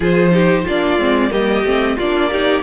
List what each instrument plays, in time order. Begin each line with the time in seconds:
0.00 cello F3, viola F4, violin G#4 C5
0.31 viola D#4, violin G4
0.63 cello A#3, viola D4, violin F4 D5
0.98 cello G#3, viola C4
1.30 cello G3, viola A#3, violin G4 D#5
1.63 cello A3, viola C4
1.96 cello A#3, viola D4, violin F4 D5
2.31 viola D#4, violin G4